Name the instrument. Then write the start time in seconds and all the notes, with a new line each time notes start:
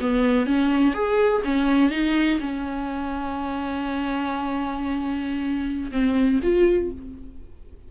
viola
0.00 B3
0.46 C#4
0.94 G#4
1.44 C#4
1.90 D#4
2.40 C#4
5.91 C4
6.42 F4